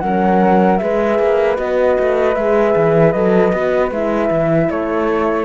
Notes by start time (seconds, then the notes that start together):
0.00 F#3 C#4 A#4 F#5
0.78 G#3 G#4 B4 E5
1.19 A#3
1.56 B3 F#4 D#5
1.99 A3
2.35 G#3 G#4 E5
2.76 E3
3.12 F#3 A4 D#5
3.53 B3 F#4
3.91 G#3 E4 E5
4.30 E3
4.70 A3 A4 C#5